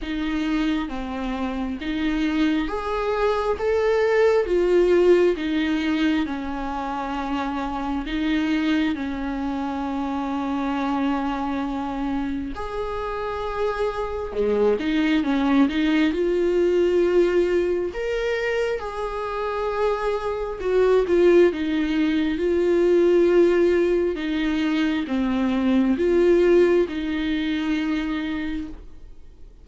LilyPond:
\new Staff \with { instrumentName = "viola" } { \time 4/4 \tempo 4 = 67 dis'4 c'4 dis'4 gis'4 | a'4 f'4 dis'4 cis'4~ | cis'4 dis'4 cis'2~ | cis'2 gis'2 |
gis8 dis'8 cis'8 dis'8 f'2 | ais'4 gis'2 fis'8 f'8 | dis'4 f'2 dis'4 | c'4 f'4 dis'2 | }